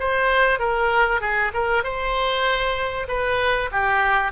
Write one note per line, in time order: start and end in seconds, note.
0.00 0.60 C5
0.60 1.21 A#4
1.21 1.52 G#4
1.54 1.84 A#4
1.84 3.08 C5
3.08 3.70 B4
3.72 4.32 G4